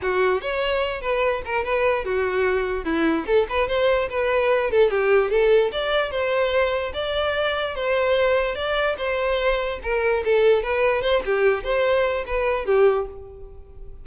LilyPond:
\new Staff \with { instrumentName = "violin" } { \time 4/4 \tempo 4 = 147 fis'4 cis''4. b'4 ais'8 | b'4 fis'2 e'4 | a'8 b'8 c''4 b'4. a'8 | g'4 a'4 d''4 c''4~ |
c''4 d''2 c''4~ | c''4 d''4 c''2 | ais'4 a'4 b'4 c''8 g'8~ | g'8 c''4. b'4 g'4 | }